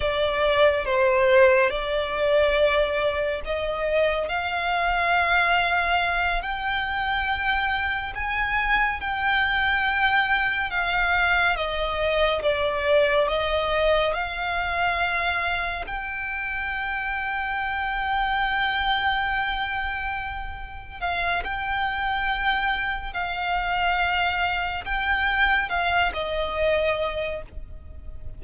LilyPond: \new Staff \with { instrumentName = "violin" } { \time 4/4 \tempo 4 = 70 d''4 c''4 d''2 | dis''4 f''2~ f''8 g''8~ | g''4. gis''4 g''4.~ | g''8 f''4 dis''4 d''4 dis''8~ |
dis''8 f''2 g''4.~ | g''1~ | g''8 f''8 g''2 f''4~ | f''4 g''4 f''8 dis''4. | }